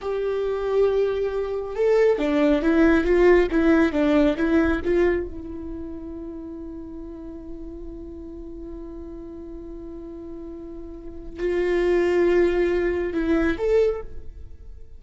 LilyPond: \new Staff \with { instrumentName = "viola" } { \time 4/4 \tempo 4 = 137 g'1 | a'4 d'4 e'4 f'4 | e'4 d'4 e'4 f'4 | e'1~ |
e'1~ | e'1~ | e'2 f'2~ | f'2 e'4 a'4 | }